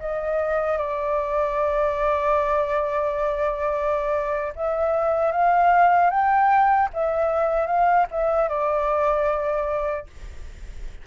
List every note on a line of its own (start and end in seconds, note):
0.00 0.78 D#5
0.78 4.53 D5
4.56 5.32 E5
5.32 6.10 F5
6.10 6.89 G5
6.94 7.67 E5
7.67 8.06 F5
8.11 8.49 E5
8.49 10.07 D5